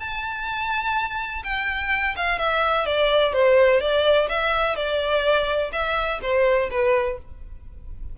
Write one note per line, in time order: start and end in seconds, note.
0.00 1.43 A5
1.44 2.16 G5
2.17 2.39 F5
2.39 2.86 E5
2.86 3.33 D5
3.33 3.81 C5
3.81 4.29 D5
4.30 4.76 E5
4.76 5.71 D5
5.73 6.20 E5
6.23 6.70 C5
6.71 7.19 B4